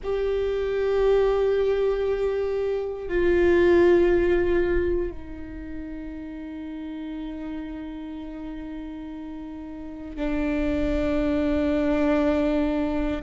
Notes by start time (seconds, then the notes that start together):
0.03 G4
3.08 F4
5.11 D#4
10.16 D4